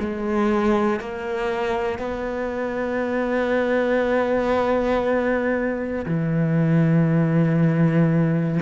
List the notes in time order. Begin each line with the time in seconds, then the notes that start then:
0.00 G#3
1.00 A#3
1.99 B3
6.06 E3